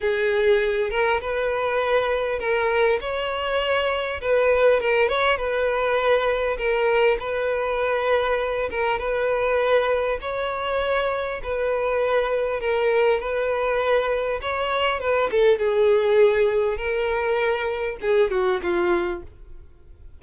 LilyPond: \new Staff \with { instrumentName = "violin" } { \time 4/4 \tempo 4 = 100 gis'4. ais'8 b'2 | ais'4 cis''2 b'4 | ais'8 cis''8 b'2 ais'4 | b'2~ b'8 ais'8 b'4~ |
b'4 cis''2 b'4~ | b'4 ais'4 b'2 | cis''4 b'8 a'8 gis'2 | ais'2 gis'8 fis'8 f'4 | }